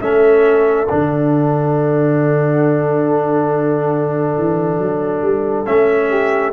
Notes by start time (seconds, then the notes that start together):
0.00 A3 C#4 A4 E5
0.88 D3 D4 F#5
4.36 E3
4.78 F#3
5.21 G3
5.65 A3 C#4 E5
6.09 G4